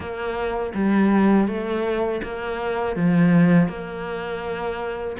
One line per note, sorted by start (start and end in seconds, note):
0.00 0.72 A#3
0.74 1.47 G3
1.47 2.21 A3
2.23 2.96 A#3
2.96 3.68 F3
3.68 5.16 A#3